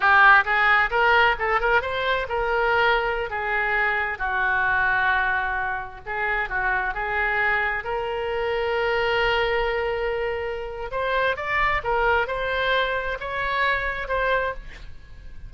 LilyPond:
\new Staff \with { instrumentName = "oboe" } { \time 4/4 \tempo 4 = 132 g'4 gis'4 ais'4 a'8 ais'8 | c''4 ais'2~ ais'16 gis'8.~ | gis'4~ gis'16 fis'2~ fis'8.~ | fis'4~ fis'16 gis'4 fis'4 gis'8.~ |
gis'4~ gis'16 ais'2~ ais'8.~ | ais'1 | c''4 d''4 ais'4 c''4~ | c''4 cis''2 c''4 | }